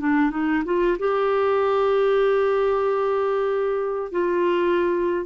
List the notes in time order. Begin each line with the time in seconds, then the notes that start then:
0.00 D4
0.31 D#4
0.65 F4
0.99 G4
4.12 F4